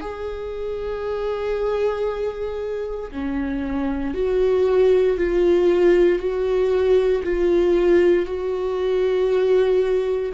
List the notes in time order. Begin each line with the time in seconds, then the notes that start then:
0.00 G#4
3.11 C#4
4.14 F#4
5.17 F4
6.19 F#4
7.23 F4
8.25 F#4